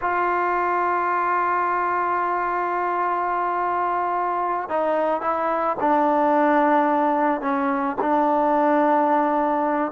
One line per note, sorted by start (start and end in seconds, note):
0.01 4.69 F4
4.69 5.21 D#4
5.21 5.76 E4
5.80 7.41 D4
7.41 7.96 C#4
8.01 9.92 D4